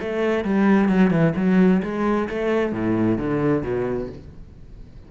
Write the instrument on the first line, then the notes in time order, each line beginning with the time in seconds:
cello
0.00 A3
0.44 G3
0.89 F#3
1.10 E3
1.36 F#3
1.83 G#3
2.29 A3
2.72 A2
3.18 D3
3.63 B2